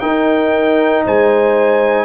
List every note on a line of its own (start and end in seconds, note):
0.00 2.05 D#4
0.00 1.06 D#4
0.00 1.05 A#4
0.00 1.03 G5
1.05 2.05 G#3
1.05 2.05 C5
1.05 2.05 G#5